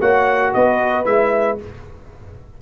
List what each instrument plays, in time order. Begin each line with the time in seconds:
0.00 tuba A#3, trombone F#4, horn C#5, trumpet F#5
0.54 tuba B3, horn B4, trumpet D#5
1.05 tuba G#3, trombone E4, trumpet E5